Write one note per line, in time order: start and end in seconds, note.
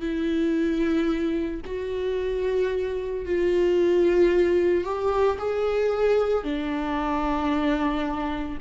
0.00 1.61 E4
1.65 3.25 F#4
3.25 4.84 F4
4.84 5.38 G4
5.38 6.43 G#4
6.43 8.58 D4